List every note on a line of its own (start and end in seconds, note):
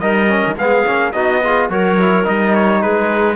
0.00 0.43 G3
0.00 0.28 D#4
0.00 0.56 A#4
0.00 0.56 D#5
0.28 0.56 C#4
0.47 0.56 D#3
0.56 0.84 G#3
0.56 0.86 B3
0.56 1.13 G#4
0.56 1.13 F5
0.86 1.14 A#3
0.86 1.14 C#4
1.13 1.70 B3
1.13 1.43 D#4
1.13 1.41 F#4
1.13 1.69 D#5
1.44 1.71 F4
1.44 1.70 G#4
1.70 2.26 F#3
1.70 1.99 F#4
1.70 2.82 A#4
1.70 2.27 C#5
1.99 2.24 E4
2.24 2.84 G3
2.24 3.36 D#4
2.24 2.55 D#5
2.55 2.82 C#5
2.82 3.36 G#3
2.82 3.36 G#4
2.82 3.36 B4